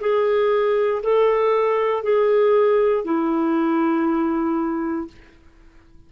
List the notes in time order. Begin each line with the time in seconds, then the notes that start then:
0.00 G#4
1.03 A4
2.03 G#4
3.04 E4